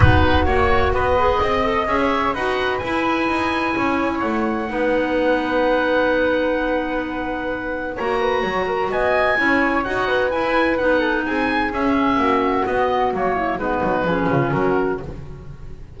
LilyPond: <<
  \new Staff \with { instrumentName = "oboe" } { \time 4/4 \tempo 4 = 128 b'4 cis''4 dis''2 | e''4 fis''4 gis''2~ | gis''4 fis''2.~ | fis''1~ |
fis''4 ais''2 gis''4~ | gis''4 fis''4 gis''4 fis''4 | gis''4 e''2 dis''4 | cis''4 b'2 ais'4 | }
  \new Staff \with { instrumentName = "flute" } { \time 4/4 fis'2 b'4 dis''4~ | dis''16 cis''8. b'2. | cis''2 b'2~ | b'1~ |
b'4 cis''8 b'8 cis''8 ais'8 dis''4 | cis''4. b'2 a'8 | gis'2 fis'2~ | fis'8 e'8 dis'4 gis'8 f'8 fis'4 | }
  \new Staff \with { instrumentName = "clarinet" } { \time 4/4 dis'4 fis'4. gis'4 a'8 | gis'4 fis'4 e'2~ | e'2 dis'2~ | dis'1~ |
dis'4 fis'2. | e'4 fis'4 e'4 dis'4~ | dis'4 cis'2 b4 | ais4 b4 cis'2 | }
  \new Staff \with { instrumentName = "double bass" } { \time 4/4 b4 ais4 b4 c'4 | cis'4 dis'4 e'4 dis'4 | cis'4 a4 b2~ | b1~ |
b4 ais4 fis4 b4 | cis'4 dis'4 e'4 b4 | c'4 cis'4 ais4 b4 | fis4 gis8 fis8 f8 cis8 fis4 | }
>>